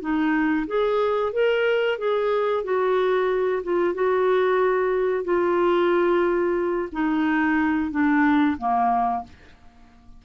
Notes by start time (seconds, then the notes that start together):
0.00 D#4
0.67 G#4
1.32 A#4
1.98 G#4
2.64 F#4
3.63 F4
3.94 F#4
5.24 F4
6.92 D#4
7.91 D4
8.57 A#3